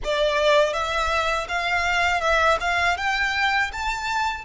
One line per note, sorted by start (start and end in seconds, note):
0.04 0.73 D5
0.73 1.47 E5
1.48 2.20 F5
2.20 2.57 E5
2.60 2.97 F5
2.97 3.71 G5
3.72 4.44 A5